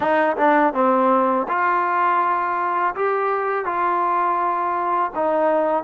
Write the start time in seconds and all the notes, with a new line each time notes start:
0.00 D#4
0.37 D4
0.73 C4
1.48 F4
2.95 G4
3.65 F4
5.15 D#4